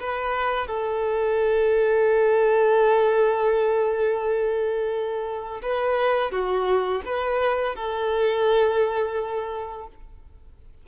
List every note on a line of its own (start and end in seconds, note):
0.00 0.68 B4
0.68 5.62 A4
5.63 6.32 B4
6.32 7.02 F#4
7.06 7.76 B4
7.76 9.88 A4